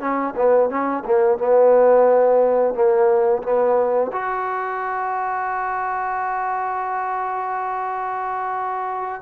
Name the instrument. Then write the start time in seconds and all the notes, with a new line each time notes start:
trombone
0.00 C#4
0.36 B3
0.70 C#4
1.05 A#3
1.38 B3
2.74 A#3
3.43 B3
4.12 F#4